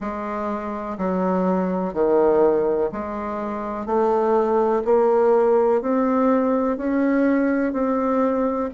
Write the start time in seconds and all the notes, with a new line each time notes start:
0.00 G#3
0.98 F#3
1.94 D#3
2.92 G#3
3.86 A3
4.84 A#3
5.81 C4
6.77 C#4
7.72 C4